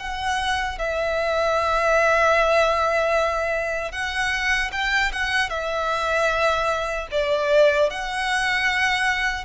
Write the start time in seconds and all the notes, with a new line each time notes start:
0.00 F#5
0.79 E5
3.92 F#5
4.72 G5
5.13 F#5
5.50 E5
7.11 D5
7.90 F#5